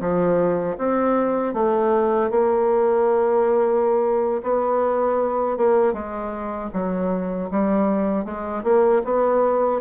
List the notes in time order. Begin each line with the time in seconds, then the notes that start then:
0.00 F3
0.78 C4
1.54 A3
2.31 A#3
4.43 B3
5.57 A#3
5.93 G#3
6.73 F#3
7.51 G3
8.25 G#3
8.64 A#3
9.04 B3